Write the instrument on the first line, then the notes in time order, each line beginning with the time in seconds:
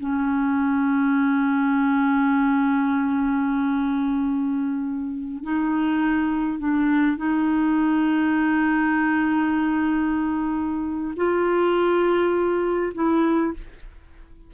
clarinet
0.00 C#4
5.44 D#4
6.59 D4
7.17 D#4
11.16 F4
12.95 E4